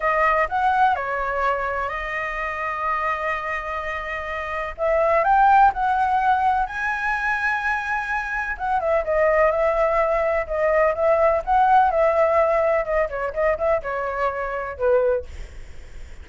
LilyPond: \new Staff \with { instrumentName = "flute" } { \time 4/4 \tempo 4 = 126 dis''4 fis''4 cis''2 | dis''1~ | dis''2 e''4 g''4 | fis''2 gis''2~ |
gis''2 fis''8 e''8 dis''4 | e''2 dis''4 e''4 | fis''4 e''2 dis''8 cis''8 | dis''8 e''8 cis''2 b'4 | }